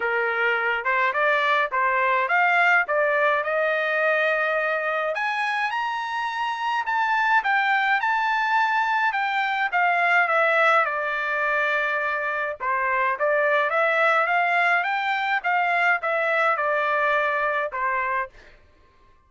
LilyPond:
\new Staff \with { instrumentName = "trumpet" } { \time 4/4 \tempo 4 = 105 ais'4. c''8 d''4 c''4 | f''4 d''4 dis''2~ | dis''4 gis''4 ais''2 | a''4 g''4 a''2 |
g''4 f''4 e''4 d''4~ | d''2 c''4 d''4 | e''4 f''4 g''4 f''4 | e''4 d''2 c''4 | }